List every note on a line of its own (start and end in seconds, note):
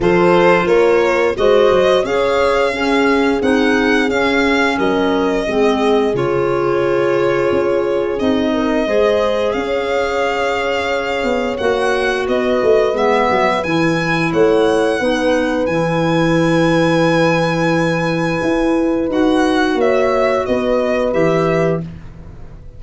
0.00 0.66 F3
0.00 1.36 F4
0.00 0.66 A4
0.00 0.67 C5
0.66 1.35 A#3
0.66 1.34 A#4
0.66 1.35 C#5
1.36 1.71 G#3
1.36 2.04 F#4
1.36 2.04 C5
1.36 2.05 D#5
1.71 2.04 F#3
2.04 3.40 C#4
2.04 2.72 G#4
2.04 2.72 C#5
2.04 3.41 F5
2.72 3.40 C#4
2.72 4.77 G#4
3.41 4.08 C4
3.41 4.10 D#4
3.41 4.10 F#5
4.08 4.76 C#4
4.08 5.46 C#4
4.08 4.78 F5
4.77 5.46 F#3
4.77 5.45 A#4
4.77 6.15 D#5
5.46 6.13 G#3
5.46 6.14 C4
5.46 8.53 G#4
6.13 7.50 C#3
6.13 8.18 F4
6.13 8.19 C#5
7.51 8.20 C#4
8.18 8.86 C4
8.18 8.86 D#4
8.18 9.52 D#5
8.53 8.87 A#4
8.86 9.54 G#3
8.86 11.59 G#4
8.86 9.55 C5
9.52 11.23 C#4
9.52 12.27 C#5
9.52 11.56 F5
11.23 11.57 B3
11.57 12.27 A#3
11.57 12.93 F#4
11.57 12.25 F#5
12.27 12.61 B3
12.27 14.31 B4
12.27 12.96 D#5
12.62 12.93 A3
12.93 13.27 G#3
12.93 13.61 B3
12.93 13.63 E5
13.30 13.64 F#3
13.63 14.32 E3
13.63 14.99 E4
13.63 14.31 G#5
14.31 15.00 A3
14.31 14.99 C#5
14.31 15.66 F#5
14.99 15.67 B3
14.99 15.68 D#4
14.99 19.77 B4
15.66 18.39 E3
15.66 19.09 E4
15.66 19.07 G#5
18.42 19.08 E4
19.08 19.74 D#4
19.08 21.12 F#4
19.08 19.80 F#5
19.74 20.42 A#3
19.74 20.45 C#5
19.74 20.45 E5
20.45 21.13 B3
20.45 21.82 B4
20.45 21.13 D#5
21.12 21.82 E3
21.12 21.80 G4
21.12 21.81 E5